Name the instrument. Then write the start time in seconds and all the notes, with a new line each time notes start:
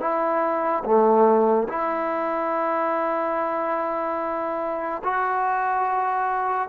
trombone
0.00 E4
0.84 A3
1.69 E4
5.04 F#4